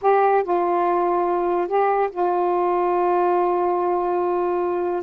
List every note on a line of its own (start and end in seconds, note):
0.01 0.43 G4
0.43 1.67 F4
1.67 2.09 G4
2.11 5.03 F4